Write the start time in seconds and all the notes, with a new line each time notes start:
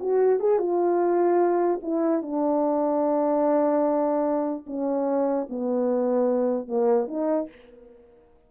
0.00 F#4
0.40 G#4
0.59 F4
1.82 E4
2.22 D4
4.67 C#4
5.49 B3
6.68 A#3
7.08 D#4